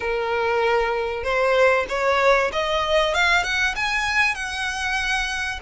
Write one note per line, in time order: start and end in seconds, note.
0.00 1.23 A#4
1.23 1.86 C5
1.88 2.51 C#5
2.52 3.14 D#5
3.14 3.43 F5
3.43 3.74 F#5
3.75 4.34 G#5
4.34 5.59 F#5